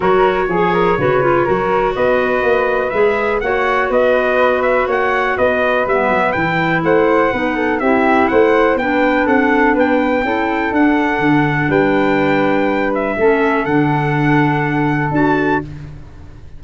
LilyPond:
<<
  \new Staff \with { instrumentName = "trumpet" } { \time 4/4 \tempo 4 = 123 cis''1 | dis''2 e''4 fis''4 | dis''4. e''8 fis''4 dis''4 | e''4 g''4 fis''2 |
e''4 fis''4 g''4 fis''4 | g''2 fis''2 | g''2~ g''8 e''4. | fis''2. a''4 | }
  \new Staff \with { instrumentName = "flute" } { \time 4/4 ais'4 gis'8 ais'8 b'4 ais'4 | b'2. cis''4 | b'2 cis''4 b'4~ | b'2 c''4 b'8 a'8 |
g'4 c''4 b'4 a'4 | b'4 a'2. | b'2. a'4~ | a'1 | }
  \new Staff \with { instrumentName = "clarinet" } { \time 4/4 fis'4 gis'4 fis'8 f'8 fis'4~ | fis'2 gis'4 fis'4~ | fis'1 | b4 e'2 dis'4 |
e'2 d'2~ | d'4 e'4 d'2~ | d'2. cis'4 | d'2. fis'4 | }
  \new Staff \with { instrumentName = "tuba" } { \time 4/4 fis4 f4 cis4 fis4 | b4 ais4 gis4 ais4 | b2 ais4 b4 | g8 fis8 e4 a4 b4 |
c'4 a4 b4 c'4 | b4 cis'4 d'4 d4 | g2. a4 | d2. d'4 | }
>>